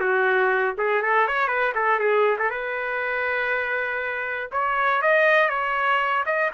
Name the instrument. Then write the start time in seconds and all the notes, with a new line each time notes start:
trumpet
0.00 F#4
0.78 G#4
1.02 A4
1.27 C#5
1.48 B4
1.75 A4
1.99 G#4
2.39 A4
2.50 B4
4.52 C#5
5.02 D#5
5.49 C#5
6.26 D#5